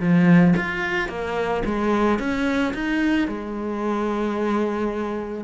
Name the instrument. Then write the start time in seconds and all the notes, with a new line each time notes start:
cello
0.00 F3
0.56 F4
1.09 A#3
1.65 G#3
2.19 C#4
2.74 D#4
3.28 G#3